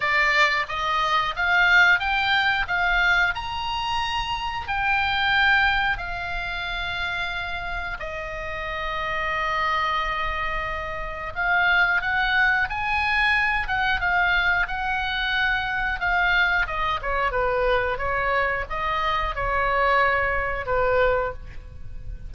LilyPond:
\new Staff \with { instrumentName = "oboe" } { \time 4/4 \tempo 4 = 90 d''4 dis''4 f''4 g''4 | f''4 ais''2 g''4~ | g''4 f''2. | dis''1~ |
dis''4 f''4 fis''4 gis''4~ | gis''8 fis''8 f''4 fis''2 | f''4 dis''8 cis''8 b'4 cis''4 | dis''4 cis''2 b'4 | }